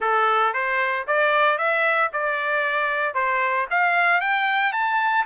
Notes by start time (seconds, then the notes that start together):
0.00 A4
0.53 C5
1.07 D5
1.57 E5
2.12 D5
3.14 C5
3.70 F5
4.20 G5
4.72 A5